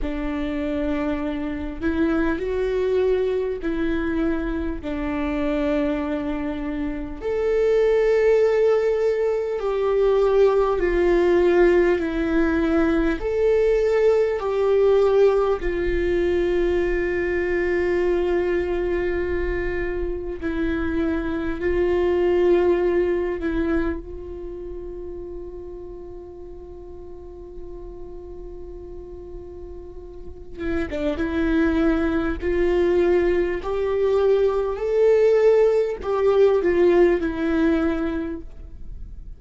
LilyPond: \new Staff \with { instrumentName = "viola" } { \time 4/4 \tempo 4 = 50 d'4. e'8 fis'4 e'4 | d'2 a'2 | g'4 f'4 e'4 a'4 | g'4 f'2.~ |
f'4 e'4 f'4. e'8 | f'1~ | f'4. e'16 d'16 e'4 f'4 | g'4 a'4 g'8 f'8 e'4 | }